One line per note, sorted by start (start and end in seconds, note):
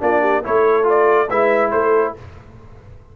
0.00 0.45 A#3
0.00 0.43 D4
0.00 0.21 F4
0.00 0.45 D5
0.21 0.42 G4
0.43 1.30 A3
0.43 0.84 E4
0.43 1.28 A4
0.43 0.88 C#5
0.84 1.26 F4
0.84 1.30 D5
1.28 1.73 G#3
1.28 2.16 E4
1.28 1.71 B4
1.28 1.71 E5
1.71 2.15 A3
1.71 2.16 A4
1.71 2.14 C5